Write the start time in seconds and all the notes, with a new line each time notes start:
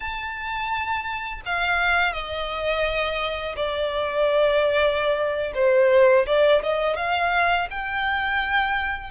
0.00 A5
1.45 F5
2.12 D#5
3.56 D5
5.54 C5
6.26 D5
6.62 D#5
6.96 F5
7.70 G5